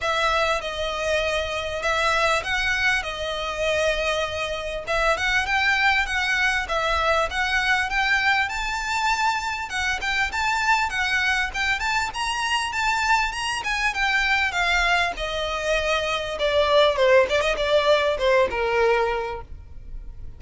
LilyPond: \new Staff \with { instrumentName = "violin" } { \time 4/4 \tempo 4 = 99 e''4 dis''2 e''4 | fis''4 dis''2. | e''8 fis''8 g''4 fis''4 e''4 | fis''4 g''4 a''2 |
fis''8 g''8 a''4 fis''4 g''8 a''8 | ais''4 a''4 ais''8 gis''8 g''4 | f''4 dis''2 d''4 | c''8 d''16 dis''16 d''4 c''8 ais'4. | }